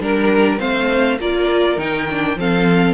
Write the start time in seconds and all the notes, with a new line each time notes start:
0.00 G3 D4 A#4
0.59 A3 C4 C5 F5
1.20 A#3 F4 A#4 D5
1.77 D#3 D#4 G5
2.11 D4
2.36 F3 C4 A4 F5